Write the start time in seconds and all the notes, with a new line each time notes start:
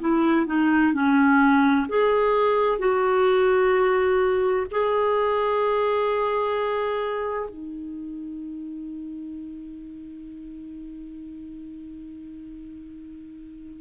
0.00 E4
0.46 D#4
0.93 C#4
1.89 G#4
2.79 F#4
4.71 G#4
7.50 D#4